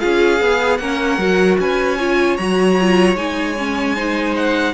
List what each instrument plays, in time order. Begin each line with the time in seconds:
0.00 cello C#4, viola F4, violin G#4 F5
0.40 cello B3, viola G#4
0.78 cello A#3, viola C#4, violin A#4 F#5
1.18 cello F#3, viola F#4
1.60 cello C#4, violin B4 G#5
1.99 viola F4, violin C#5
2.37 cello F#3, viola F#4, violin A#5
2.81 viola F4
3.15 cello G#3, viola D#4, violin G#5
3.58 viola C#4
3.96 viola D#4, violin C5
4.37 violin F#5